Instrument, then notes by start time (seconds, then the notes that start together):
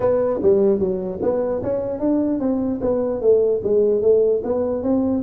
tuba
0.00 B3
0.42 G3
0.79 F#3
1.22 B3
1.62 C#4
1.99 D4
2.39 C4
2.81 B3
3.21 A3
3.63 G#3
4.01 A3
4.43 B3
4.82 C4